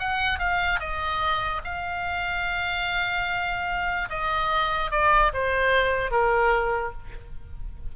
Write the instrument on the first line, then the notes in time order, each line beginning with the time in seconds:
oboe
0.00 F#5
0.40 F5
0.80 D#5
1.65 F5
4.10 D#5
4.91 D5
5.34 C5
6.11 A#4